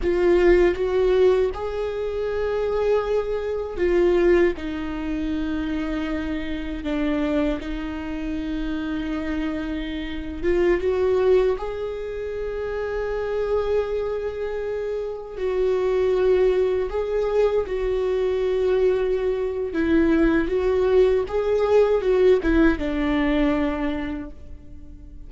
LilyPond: \new Staff \with { instrumentName = "viola" } { \time 4/4 \tempo 4 = 79 f'4 fis'4 gis'2~ | gis'4 f'4 dis'2~ | dis'4 d'4 dis'2~ | dis'4.~ dis'16 f'8 fis'4 gis'8.~ |
gis'1~ | gis'16 fis'2 gis'4 fis'8.~ | fis'2 e'4 fis'4 | gis'4 fis'8 e'8 d'2 | }